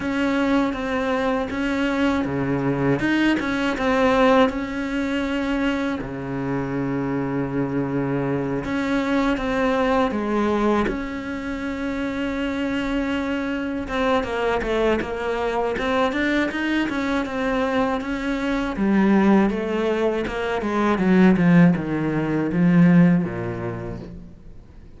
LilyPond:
\new Staff \with { instrumentName = "cello" } { \time 4/4 \tempo 4 = 80 cis'4 c'4 cis'4 cis4 | dis'8 cis'8 c'4 cis'2 | cis2.~ cis8 cis'8~ | cis'8 c'4 gis4 cis'4.~ |
cis'2~ cis'8 c'8 ais8 a8 | ais4 c'8 d'8 dis'8 cis'8 c'4 | cis'4 g4 a4 ais8 gis8 | fis8 f8 dis4 f4 ais,4 | }